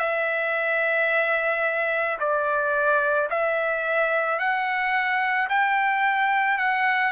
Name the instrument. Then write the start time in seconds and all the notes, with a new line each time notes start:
trumpet
0.00 E5
2.20 D5
3.31 E5
4.40 F#5
5.49 G5
6.59 F#5